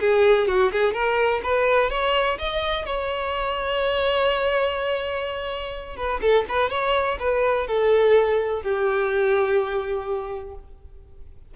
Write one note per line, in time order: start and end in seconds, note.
0.00 0.47 G#4
0.47 0.71 F#4
0.72 0.93 G#4
0.93 1.41 A#4
1.43 1.90 B4
1.90 2.38 C#5
2.38 2.85 D#5
2.85 5.96 C#5
5.96 6.20 B4
6.21 6.45 A4
6.48 6.70 B4
6.70 7.18 C#5
7.19 7.67 B4
7.67 8.62 A4
8.62 10.54 G4